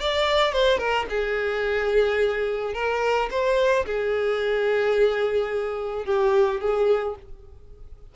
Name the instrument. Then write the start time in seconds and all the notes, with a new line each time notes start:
violin
0.00 D5
0.53 C5
0.78 A#4
1.09 G#4
2.73 A#4
3.30 C5
3.86 G#4
6.05 G4
6.60 G#4